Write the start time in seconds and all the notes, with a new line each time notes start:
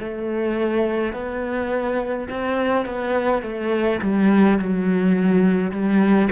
0.00 A3
1.13 B3
2.29 C4
2.85 B3
3.42 A3
4.01 G3
4.59 F#3
5.71 G3